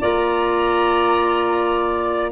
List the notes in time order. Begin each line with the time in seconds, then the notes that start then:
0.00 A#3 F4 D5 A#5